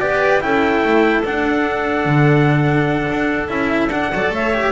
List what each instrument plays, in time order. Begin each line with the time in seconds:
0.00 double bass B3, cello G4, clarinet B4, trumpet D5
0.41 double bass C#4, cello E4, clarinet A4, trumpet G5
0.84 double bass A3
1.24 double bass D4, cello D4, trumpet F#5
2.05 double bass D3
3.10 double bass D4
3.48 double bass C#4, cello E4, trumpet E5
3.89 double bass D4, cello D4, trumpet F#5
4.13 double bass F#3, cello A4, clarinet D5
4.30 double bass A3, clarinet C#5, trumpet E5
4.54 cello G4